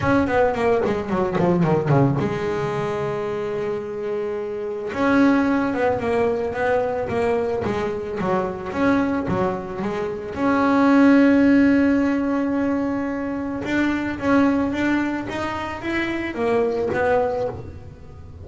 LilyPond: \new Staff \with { instrumentName = "double bass" } { \time 4/4 \tempo 4 = 110 cis'8 b8 ais8 gis8 fis8 f8 dis8 cis8 | gis1~ | gis4 cis'4. b8 ais4 | b4 ais4 gis4 fis4 |
cis'4 fis4 gis4 cis'4~ | cis'1~ | cis'4 d'4 cis'4 d'4 | dis'4 e'4 ais4 b4 | }